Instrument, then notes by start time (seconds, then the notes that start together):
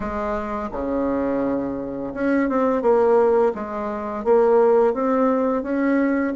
bassoon
0.00 G#3
0.72 C#3
2.14 C#4
2.49 C4
2.81 A#3
3.55 G#3
4.24 A#3
4.93 C4
5.62 C#4